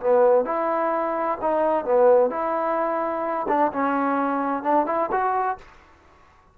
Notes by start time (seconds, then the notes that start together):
0.00 B3
0.45 E4
1.41 D#4
1.85 B3
2.30 E4
3.48 D4
3.73 C#4
4.63 D4
4.86 E4
5.11 F#4